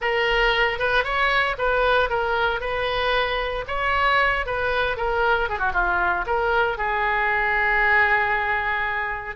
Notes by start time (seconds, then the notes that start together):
0.01 A#4
0.78 B4
1.04 C#5
1.57 B4
2.09 A#4
2.60 B4
3.67 C#5
4.45 B4
4.97 A#4
5.49 G#4
5.58 F#4
5.73 F4
6.26 A#4
6.77 G#4